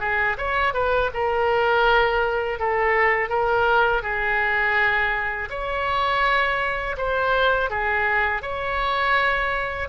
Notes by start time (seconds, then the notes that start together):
0.00 G#4
0.37 C#5
0.74 B4
1.13 A#4
2.59 A4
3.29 A#4
4.02 G#4
5.50 C#5
6.97 C5
7.70 G#4
8.42 C#5